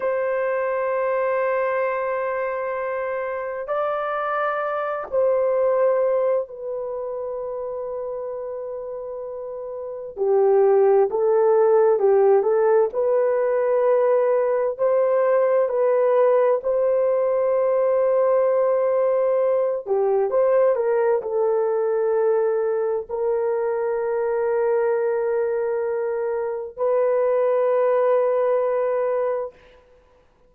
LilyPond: \new Staff \with { instrumentName = "horn" } { \time 4/4 \tempo 4 = 65 c''1 | d''4. c''4. b'4~ | b'2. g'4 | a'4 g'8 a'8 b'2 |
c''4 b'4 c''2~ | c''4. g'8 c''8 ais'8 a'4~ | a'4 ais'2.~ | ais'4 b'2. | }